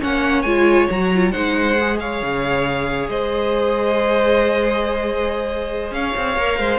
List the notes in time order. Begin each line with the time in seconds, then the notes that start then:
0.00 A#3 C#4 C#5 F#5
0.42 G#3 F4 G#5
0.90 F#3 F#4 A#5
1.15 F4
1.31 G#3 D#4 C5 F#5
1.80 G#4
1.99 C#5 F5
2.22 C#3
3.08 G#3 C5 D#5
5.91 C#4 C#5 F5
6.17 C4
6.37 A#3 A#4
6.59 G#3 C5